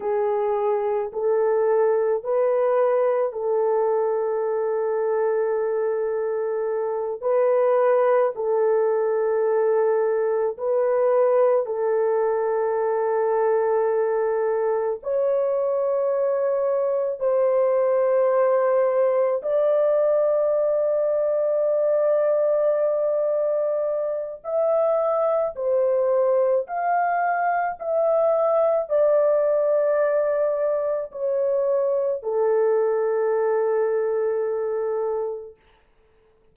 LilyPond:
\new Staff \with { instrumentName = "horn" } { \time 4/4 \tempo 4 = 54 gis'4 a'4 b'4 a'4~ | a'2~ a'8 b'4 a'8~ | a'4. b'4 a'4.~ | a'4. cis''2 c''8~ |
c''4. d''2~ d''8~ | d''2 e''4 c''4 | f''4 e''4 d''2 | cis''4 a'2. | }